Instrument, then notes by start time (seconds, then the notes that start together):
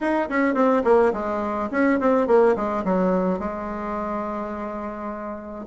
bassoon
0.00 D#4
0.29 C#4
0.54 C4
0.84 A#3
1.13 G#3
1.71 C#4
1.99 C4
2.27 A#3
2.55 G#3
2.84 F#3
3.39 G#3